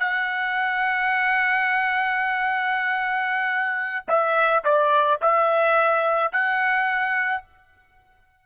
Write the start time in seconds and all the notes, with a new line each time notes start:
0.00 F#5
4.08 E5
4.65 D5
5.22 E5
6.33 F#5